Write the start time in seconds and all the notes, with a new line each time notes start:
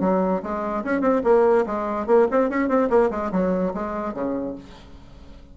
0.00 F#3
0.42 G#3
0.84 C#4
1.01 C4
1.23 A#3
1.66 G#3
2.06 A#3
2.31 C4
2.49 C#4
2.68 C4
2.89 A#3
3.10 G#3
3.31 F#3
3.73 G#3
4.13 C#3